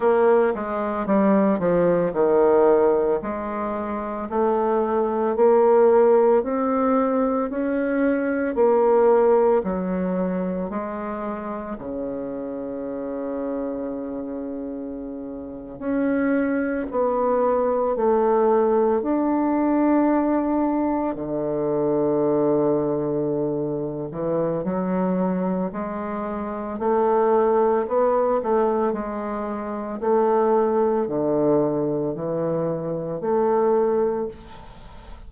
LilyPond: \new Staff \with { instrumentName = "bassoon" } { \time 4/4 \tempo 4 = 56 ais8 gis8 g8 f8 dis4 gis4 | a4 ais4 c'4 cis'4 | ais4 fis4 gis4 cis4~ | cis2~ cis8. cis'4 b16~ |
b8. a4 d'2 d16~ | d2~ d8 e8 fis4 | gis4 a4 b8 a8 gis4 | a4 d4 e4 a4 | }